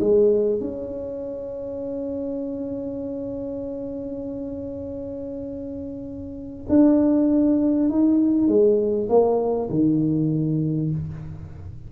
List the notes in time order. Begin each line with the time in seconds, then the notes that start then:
0.00 G#3
0.60 C#4
6.69 D4
7.89 D#4
8.48 G#3
9.09 A#3
9.69 D#3